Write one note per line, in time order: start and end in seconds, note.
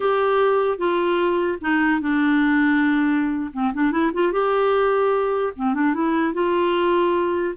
0.00 0.78 G4
0.78 1.58 F4
1.61 2.00 D#4
2.00 3.51 D4
3.53 3.73 C4
3.73 3.91 D4
3.91 4.11 E4
4.13 4.32 F4
4.32 5.53 G4
5.56 5.74 C4
5.74 5.94 D4
5.94 6.33 E4
6.33 7.54 F4